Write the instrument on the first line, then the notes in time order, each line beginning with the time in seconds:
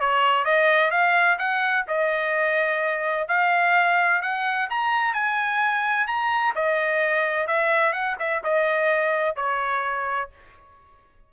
trumpet
0.00 C#5
0.45 D#5
0.91 F5
1.38 F#5
1.88 D#5
3.28 F5
4.22 F#5
4.70 A#5
5.13 G#5
6.07 A#5
6.55 D#5
7.47 E5
7.93 F#5
8.19 E5
8.44 D#5
9.36 C#5